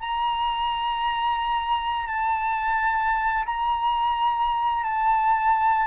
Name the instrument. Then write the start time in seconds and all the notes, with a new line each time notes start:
flute
0.00 A#5
2.07 A5
3.46 A#5
4.84 A5